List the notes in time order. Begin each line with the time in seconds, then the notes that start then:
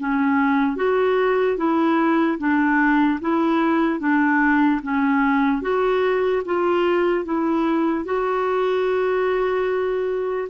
0.00 C#4
0.76 F#4
1.57 E4
2.39 D4
3.21 E4
4.00 D4
4.83 C#4
5.62 F#4
6.45 F4
7.25 E4
8.05 F#4